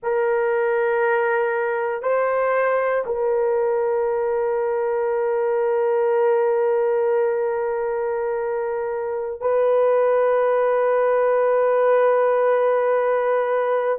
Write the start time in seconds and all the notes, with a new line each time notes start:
0.02 A#4
2.02 C5
3.06 A#4
9.41 B4